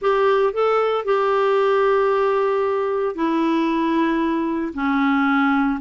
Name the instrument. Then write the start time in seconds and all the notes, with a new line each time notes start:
clarinet
0.01 G4
0.53 A4
1.04 G4
3.15 E4
4.74 C#4